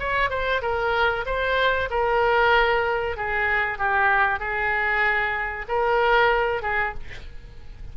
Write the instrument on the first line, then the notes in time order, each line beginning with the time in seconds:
oboe
0.00 C#5
0.30 C5
0.62 A#4
1.26 C5
1.90 A#4
3.17 G#4
3.78 G4
4.40 G#4
5.68 A#4
6.63 G#4